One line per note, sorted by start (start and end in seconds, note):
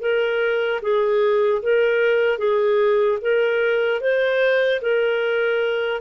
0.00 0.80 A#4
0.81 1.61 G#4
1.62 2.38 A#4
2.38 3.18 G#4
3.21 4.00 A#4
4.00 4.80 C5
4.81 6.01 A#4